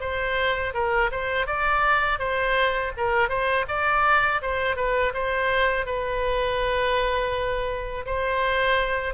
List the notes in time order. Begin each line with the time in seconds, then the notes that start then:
0.00 C5
0.74 A#4
1.11 C5
1.46 D5
2.19 C5
2.97 A#4
3.29 C5
3.68 D5
4.42 C5
4.76 B4
5.14 C5
5.86 B4
8.06 C5